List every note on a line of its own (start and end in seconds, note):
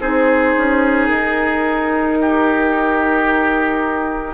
0.00 0.55 C4
0.00 4.34 D#4
0.00 2.18 G#4
0.00 1.07 C5
0.57 1.09 C#4
1.07 4.34 D#4
1.07 4.34 A#4
2.21 4.34 G4